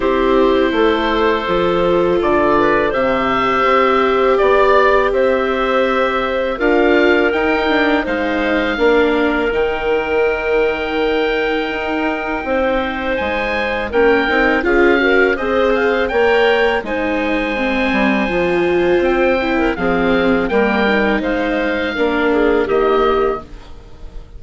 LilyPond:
<<
  \new Staff \with { instrumentName = "oboe" } { \time 4/4 \tempo 4 = 82 c''2. d''4 | e''2 d''4 e''4~ | e''4 f''4 g''4 f''4~ | f''4 g''2.~ |
g''2 gis''4 g''4 | f''4 dis''8 f''8 g''4 gis''4~ | gis''2 g''4 f''4 | g''4 f''2 dis''4 | }
  \new Staff \with { instrumentName = "clarinet" } { \time 4/4 g'4 a'2~ a'8 b'8 | c''2 d''4 c''4~ | c''4 ais'2 c''4 | ais'1~ |
ais'4 c''2 ais'4 | gis'8 ais'8 c''4 cis''4 c''4~ | c''2~ c''8. ais'16 gis'4 | ais'4 c''4 ais'8 gis'8 g'4 | }
  \new Staff \with { instrumentName = "viola" } { \time 4/4 e'2 f'2 | g'1~ | g'4 f'4 dis'8 d'8 dis'4 | d'4 dis'2.~ |
dis'2. cis'8 dis'8 | f'8 fis'8 gis'4 ais'4 dis'4 | c'4 f'4. e'8 c'4 | ais8 dis'4. d'4 ais4 | }
  \new Staff \with { instrumentName = "bassoon" } { \time 4/4 c'4 a4 f4 d4 | c4 c'4 b4 c'4~ | c'4 d'4 dis'4 gis4 | ais4 dis2. |
dis'4 c'4 gis4 ais8 c'8 | cis'4 c'4 ais4 gis4~ | gis8 g8 f4 c'4 f4 | g4 gis4 ais4 dis4 | }
>>